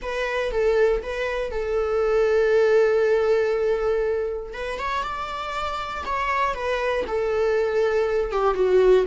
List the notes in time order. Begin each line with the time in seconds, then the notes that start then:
0.01 B4
0.51 A4
1.02 B4
1.51 A4
4.53 B4
4.78 C#5
5.03 D5
6.05 C#5
6.54 B4
7.07 A4
8.31 G4
8.54 F#4